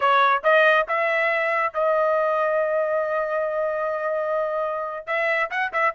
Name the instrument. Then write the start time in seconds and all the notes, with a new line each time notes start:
trumpet
0.00 C#5
0.43 D#5
0.88 E5
1.73 D#5
5.06 E5
5.50 F#5
5.72 E5